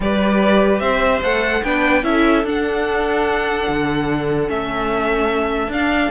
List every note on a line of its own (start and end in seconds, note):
0.00 0.80 G3
0.00 1.22 G4
0.00 0.81 B4
0.00 0.79 D5
0.79 1.21 C4
0.79 1.63 C5
0.79 1.20 E5
1.21 1.62 A3
1.21 1.62 A4
1.21 1.63 F#5
1.63 2.03 B3
1.63 2.03 D4
1.63 2.05 B4
1.63 2.03 G5
2.03 2.44 C#4
2.03 2.43 E4
2.03 6.11 A4
2.03 2.44 E5
2.44 3.66 D4
2.44 4.47 D4
2.44 4.49 F#5
3.68 4.49 D3
4.47 5.67 A3
4.47 5.69 C#4
4.47 5.71 E5
5.67 6.08 D4
5.67 6.11 D4
5.67 6.11 F5